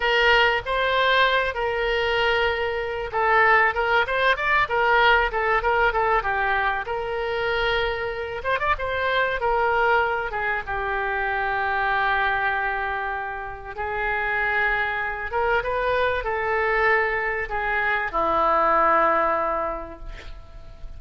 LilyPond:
\new Staff \with { instrumentName = "oboe" } { \time 4/4 \tempo 4 = 96 ais'4 c''4. ais'4.~ | ais'4 a'4 ais'8 c''8 d''8 ais'8~ | ais'8 a'8 ais'8 a'8 g'4 ais'4~ | ais'4. c''16 d''16 c''4 ais'4~ |
ais'8 gis'8 g'2.~ | g'2 gis'2~ | gis'8 ais'8 b'4 a'2 | gis'4 e'2. | }